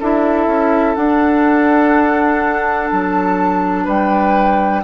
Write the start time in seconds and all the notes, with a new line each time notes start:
0.00 D4 E4 A4 E5
0.47 C#4
0.95 D4 F#5
2.91 F#3 A5
3.84 G3 B4 G5